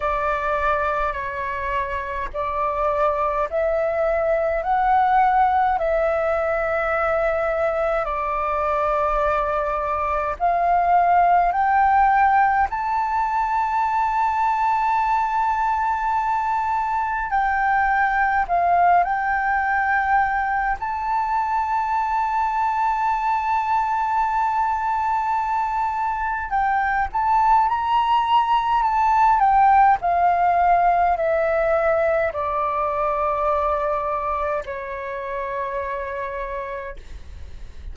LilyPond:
\new Staff \with { instrumentName = "flute" } { \time 4/4 \tempo 4 = 52 d''4 cis''4 d''4 e''4 | fis''4 e''2 d''4~ | d''4 f''4 g''4 a''4~ | a''2. g''4 |
f''8 g''4. a''2~ | a''2. g''8 a''8 | ais''4 a''8 g''8 f''4 e''4 | d''2 cis''2 | }